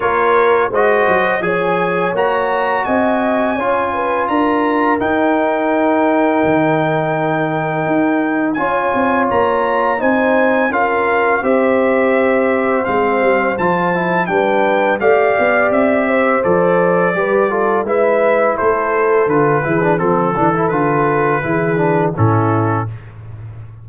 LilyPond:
<<
  \new Staff \with { instrumentName = "trumpet" } { \time 4/4 \tempo 4 = 84 cis''4 dis''4 gis''4 ais''4 | gis''2 ais''4 g''4~ | g''1 | gis''4 ais''4 gis''4 f''4 |
e''2 f''4 a''4 | g''4 f''4 e''4 d''4~ | d''4 e''4 c''4 b'4 | a'4 b'2 a'4 | }
  \new Staff \with { instrumentName = "horn" } { \time 4/4 ais'4 c''4 cis''2 | dis''4 cis''8 b'8 ais'2~ | ais'1 | cis''2 c''4 ais'4 |
c''1 | b'4 d''4. c''4. | b'8 a'8 b'4 a'4. gis'8 | a'2 gis'4 e'4 | }
  \new Staff \with { instrumentName = "trombone" } { \time 4/4 f'4 fis'4 gis'4 fis'4~ | fis'4 f'2 dis'4~ | dis'1 | f'2 dis'4 f'4 |
g'2 c'4 f'8 e'8 | d'4 g'2 a'4 | g'8 f'8 e'2 f'8 e'16 d'16 | c'8 d'16 e'16 f'4 e'8 d'8 cis'4 | }
  \new Staff \with { instrumentName = "tuba" } { \time 4/4 ais4 gis8 fis8 f4 ais4 | c'4 cis'4 d'4 dis'4~ | dis'4 dis2 dis'4 | cis'8 c'8 ais4 c'4 cis'4 |
c'2 gis8 g8 f4 | g4 a8 b8 c'4 f4 | g4 gis4 a4 d8 e8 | f8 e8 d4 e4 a,4 | }
>>